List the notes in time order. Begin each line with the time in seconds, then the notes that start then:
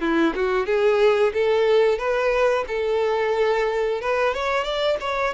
0.00 E4
0.35 F#4
0.66 G#4
1.33 A4
1.98 B4
2.68 A4
4.01 B4
4.34 C#5
4.64 D5
5.00 C#5